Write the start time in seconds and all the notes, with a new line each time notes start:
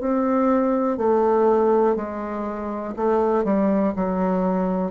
0.00 C4
0.97 A3
1.95 G#3
2.96 A3
3.44 G3
3.95 F#3